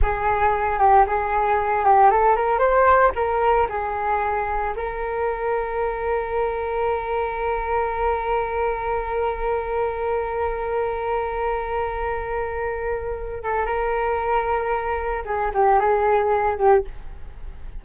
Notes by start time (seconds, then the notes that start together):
0.02 G#4
0.78 G4
1.06 G#4
1.84 G4
2.10 A4
2.36 A#4
2.59 C5
3.15 A#4
3.69 G#4
4.76 A#4
13.43 A4
13.65 A#4
15.25 G#4
15.54 G4
15.79 G#4
16.58 G4